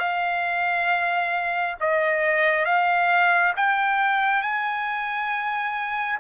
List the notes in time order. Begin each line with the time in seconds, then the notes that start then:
0.00 F5
1.81 D#5
2.66 F5
3.57 G5
4.42 G#5